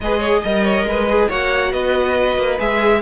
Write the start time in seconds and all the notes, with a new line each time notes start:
0.01 G#3 G#4 B4 D#5
0.19 C#5
0.42 G3 A#4 D#5
0.63 C#5
0.83 G#3 B4
1.09 G#4
1.28 A#3 F#4 C#5 F#5
1.71 B3 B4 D#5
2.37 A#3
2.58 G#3 G#4 E5